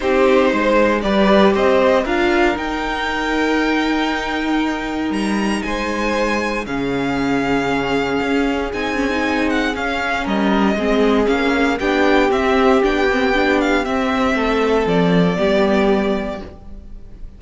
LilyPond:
<<
  \new Staff \with { instrumentName = "violin" } { \time 4/4 \tempo 4 = 117 c''2 d''4 dis''4 | f''4 g''2.~ | g''2 ais''4 gis''4~ | gis''4 f''2.~ |
f''4 gis''4. fis''8 f''4 | dis''2 f''4 g''4 | e''4 g''4. f''8 e''4~ | e''4 d''2. | }
  \new Staff \with { instrumentName = "violin" } { \time 4/4 g'4 c''4 b'4 c''4 | ais'1~ | ais'2. c''4~ | c''4 gis'2.~ |
gis'1 | ais'4 gis'2 g'4~ | g'1 | a'2 g'2 | }
  \new Staff \with { instrumentName = "viola" } { \time 4/4 dis'2 g'2 | f'4 dis'2.~ | dis'1~ | dis'4 cis'2.~ |
cis'4 dis'8 cis'16 dis'4~ dis'16 cis'4~ | cis'4 c'4 cis'4 d'4 | c'4 d'8 c'8 d'4 c'4~ | c'2 b2 | }
  \new Staff \with { instrumentName = "cello" } { \time 4/4 c'4 gis4 g4 c'4 | d'4 dis'2.~ | dis'2 g4 gis4~ | gis4 cis2. |
cis'4 c'2 cis'4 | g4 gis4 ais4 b4 | c'4 b2 c'4 | a4 f4 g2 | }
>>